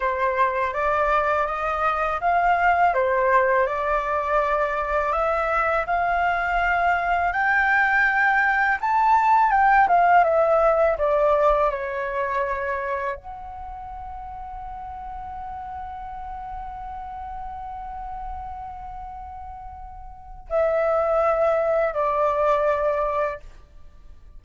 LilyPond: \new Staff \with { instrumentName = "flute" } { \time 4/4 \tempo 4 = 82 c''4 d''4 dis''4 f''4 | c''4 d''2 e''4 | f''2 g''2 | a''4 g''8 f''8 e''4 d''4 |
cis''2 fis''2~ | fis''1~ | fis''1 | e''2 d''2 | }